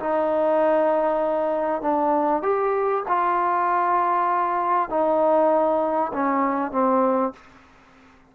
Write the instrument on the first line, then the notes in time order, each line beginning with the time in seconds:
trombone
0.00 D#4
1.82 D4
2.43 G4
3.08 F4
4.90 D#4
6.14 C#4
6.72 C4